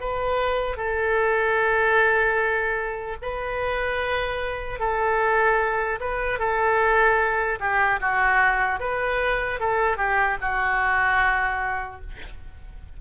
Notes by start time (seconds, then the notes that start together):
0.00 B4
0.76 A4
3.22 B4
4.79 A4
6.00 B4
6.39 A4
7.60 G4
8.00 F#4
8.80 B4
9.60 A4
9.97 G4
10.41 F#4